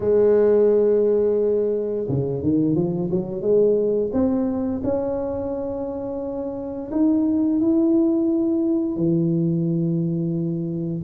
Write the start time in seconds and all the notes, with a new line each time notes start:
0.00 G#3
2.08 C#3
2.42 D#3
2.75 F3
3.10 F#3
3.41 G#3
4.12 C4
4.83 C#4
6.91 D#4
7.60 E4
8.96 E3